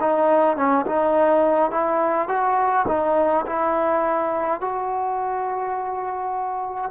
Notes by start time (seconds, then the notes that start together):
0.00 D#4
0.56 C#4
0.86 D#4
1.70 E4
2.28 F#4
2.87 D#4
3.46 E4
4.60 F#4